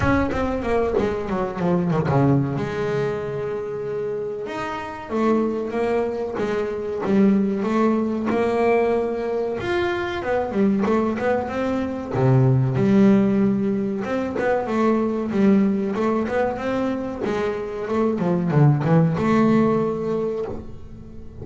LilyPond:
\new Staff \with { instrumentName = "double bass" } { \time 4/4 \tempo 4 = 94 cis'8 c'8 ais8 gis8 fis8 f8 dis16 cis8. | gis2. dis'4 | a4 ais4 gis4 g4 | a4 ais2 f'4 |
b8 g8 a8 b8 c'4 c4 | g2 c'8 b8 a4 | g4 a8 b8 c'4 gis4 | a8 f8 d8 e8 a2 | }